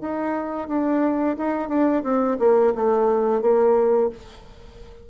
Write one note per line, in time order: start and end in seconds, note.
0.00 0.68 D#4
0.68 1.36 D4
1.37 1.68 D#4
1.68 2.02 D4
2.03 2.37 C4
2.39 2.73 A#3
2.74 3.41 A3
3.41 4.09 A#3